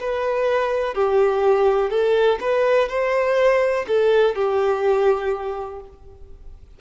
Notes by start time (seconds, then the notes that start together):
0.00 B4
0.95 G4
1.90 A4
2.41 B4
2.89 C5
3.88 A4
4.35 G4